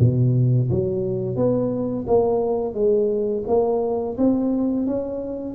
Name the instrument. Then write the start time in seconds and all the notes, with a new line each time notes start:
tuba
0.00 B2
0.70 F#3
1.36 B3
2.08 A#3
2.74 G#3
3.48 A#3
4.18 C4
4.87 C#4